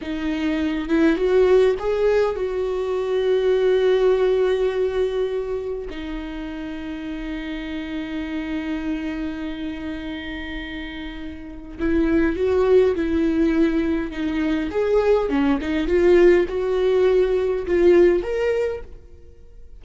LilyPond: \new Staff \with { instrumentName = "viola" } { \time 4/4 \tempo 4 = 102 dis'4. e'8 fis'4 gis'4 | fis'1~ | fis'2 dis'2~ | dis'1~ |
dis'1 | e'4 fis'4 e'2 | dis'4 gis'4 cis'8 dis'8 f'4 | fis'2 f'4 ais'4 | }